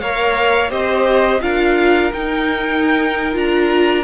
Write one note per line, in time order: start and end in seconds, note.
0.00 0.70 A#3
0.00 0.70 A#4
0.00 0.70 C#5
0.00 0.71 F5
0.70 1.41 C4
0.70 1.40 G4
0.70 1.41 C5
0.70 1.41 D#5
1.41 2.12 D4
1.41 2.12 F4
1.41 4.04 A#4
1.41 2.12 F5
2.13 3.33 D#4
2.13 3.36 D#4
2.13 3.37 G5
3.33 4.04 D4
3.33 4.03 F4
3.33 4.04 A#5